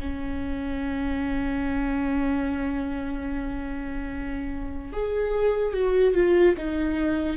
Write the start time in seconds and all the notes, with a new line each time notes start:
0.00 C#4
4.93 G#4
5.73 F#4
6.15 F4
6.57 D#4